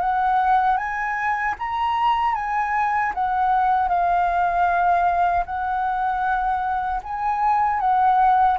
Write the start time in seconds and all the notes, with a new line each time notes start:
0.00 F#5
0.77 G#5
1.59 A#5
2.35 G#5
3.15 F#5
3.88 F5
5.45 F#5
7.03 G#5
7.80 F#5